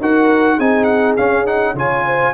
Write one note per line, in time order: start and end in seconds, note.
0.00 0.59 D#4
0.00 0.59 F#4
0.00 0.56 A#4
0.00 0.60 F#5
0.56 1.18 C4
0.56 1.18 D#4
0.56 1.74 G#4
0.56 0.84 G#5
0.84 1.13 F#5
1.17 1.45 C#4
1.17 1.74 C#4
1.17 1.46 F5
1.45 1.75 D#4
1.45 1.76 F#5
1.74 2.33 C#3
1.74 2.34 F4
1.74 2.05 C#5
1.74 2.34 G#5
2.05 2.34 C5